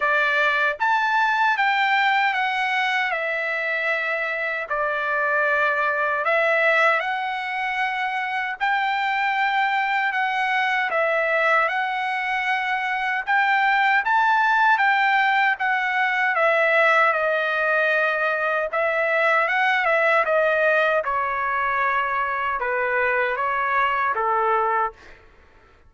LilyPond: \new Staff \with { instrumentName = "trumpet" } { \time 4/4 \tempo 4 = 77 d''4 a''4 g''4 fis''4 | e''2 d''2 | e''4 fis''2 g''4~ | g''4 fis''4 e''4 fis''4~ |
fis''4 g''4 a''4 g''4 | fis''4 e''4 dis''2 | e''4 fis''8 e''8 dis''4 cis''4~ | cis''4 b'4 cis''4 a'4 | }